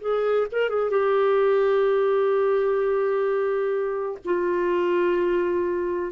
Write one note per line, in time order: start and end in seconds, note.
0.00 0.47 G#4
0.52 0.69 A#4
0.69 0.90 G#4
0.90 4.18 G4
4.25 6.12 F4